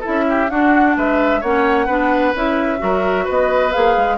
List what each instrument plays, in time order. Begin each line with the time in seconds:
0.00 clarinet E4, oboe A4, flute E5
0.07 bassoon C#4
0.29 oboe G4
0.49 bassoon D4, clarinet D4, oboe F#4, flute F#5
0.96 bassoon G#3, oboe B4, flute E5
1.40 bassoon A#3, clarinet C#4, oboe C#5, flute F#5
1.86 bassoon B3, clarinet D4, oboe B4
2.34 bassoon C#4, clarinet E4, flute E5
2.78 bassoon F#3, clarinet F#4, oboe A#4
3.24 bassoon B3, oboe B4, flute D#5
3.72 bassoon A#3, clarinet G#4, flute F5
3.96 bassoon G#3